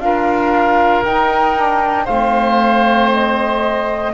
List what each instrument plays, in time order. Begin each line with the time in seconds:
0.00 double bass D4, saxophone F4, oboe A#4, flute F5
1.04 saxophone D#4, double bass D#4, flute G5
1.55 saxophone D4
2.05 double bass A3, saxophone C4, oboe C5, flute F5
3.12 flute D#5